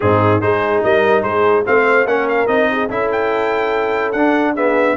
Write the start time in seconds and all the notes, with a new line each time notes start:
0.00 G#2 C4 D#4 G#4
0.41 G#3 D#4 G#4 C5
0.83 G3 A#4 D#5
1.22 G#3 G#4 C5
1.65 A3 C4 C5 F5
2.05 A#3 C#4 A#4 F#5
2.28 F5
2.47 C4 D#4 D#5
2.71 G#4
2.89 C#4 E4 A4 E5
3.11 G5
4.12 D4 F#5
4.54 B3 G#4 E5